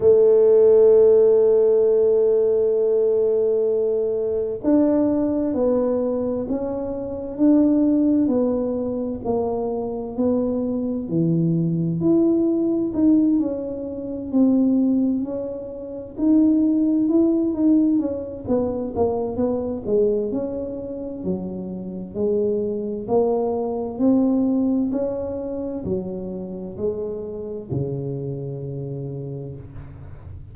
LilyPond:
\new Staff \with { instrumentName = "tuba" } { \time 4/4 \tempo 4 = 65 a1~ | a4 d'4 b4 cis'4 | d'4 b4 ais4 b4 | e4 e'4 dis'8 cis'4 c'8~ |
c'8 cis'4 dis'4 e'8 dis'8 cis'8 | b8 ais8 b8 gis8 cis'4 fis4 | gis4 ais4 c'4 cis'4 | fis4 gis4 cis2 | }